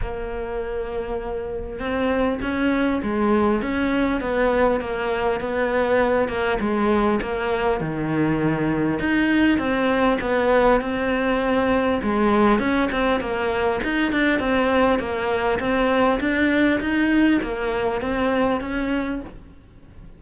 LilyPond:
\new Staff \with { instrumentName = "cello" } { \time 4/4 \tempo 4 = 100 ais2. c'4 | cis'4 gis4 cis'4 b4 | ais4 b4. ais8 gis4 | ais4 dis2 dis'4 |
c'4 b4 c'2 | gis4 cis'8 c'8 ais4 dis'8 d'8 | c'4 ais4 c'4 d'4 | dis'4 ais4 c'4 cis'4 | }